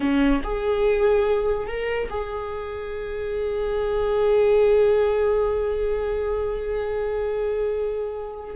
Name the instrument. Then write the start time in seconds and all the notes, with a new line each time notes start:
viola
0.00 C#4
0.43 G#4
1.67 A#4
2.09 G#4